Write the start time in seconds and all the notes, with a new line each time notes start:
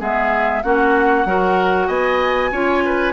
0.00 G#3 B3 G#4 E5
0.63 A#3 C#4 F#4 F#5
1.26 F#3 F#4 A#4
1.88 B3 D#5 G#5
2.52 C#4 F4 C#5
2.86 B4